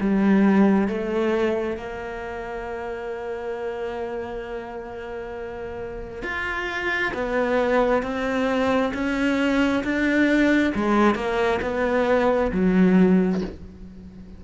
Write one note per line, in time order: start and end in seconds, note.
0.00 0.88 G3
0.88 1.77 A3
1.77 6.22 A#3
6.22 7.12 F4
7.14 8.02 B3
8.02 8.92 C4
8.93 9.83 C#4
9.83 10.73 D4
10.75 11.15 G#3
11.15 11.60 A#3
11.62 12.51 B3
12.52 13.41 F#3